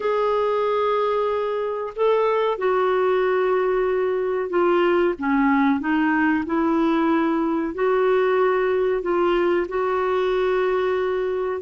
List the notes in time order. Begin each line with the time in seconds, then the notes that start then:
0.00 G#4
1.95 A4
2.58 F#4
4.49 F4
5.18 C#4
5.79 D#4
6.45 E4
7.74 F#4
9.02 F4
9.68 F#4